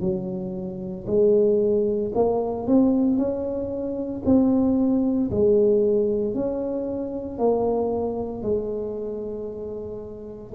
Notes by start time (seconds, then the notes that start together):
0.00 F#3
1.07 G#3
2.14 A#3
2.67 C4
3.17 C#4
4.25 C4
5.31 G#3
6.34 C#4
7.38 A#3
8.42 G#3